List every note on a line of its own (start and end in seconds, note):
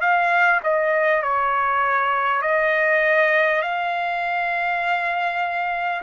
0.00 0.60 F5
0.63 1.22 D#5
1.22 2.41 C#5
2.41 3.61 D#5
3.62 6.02 F5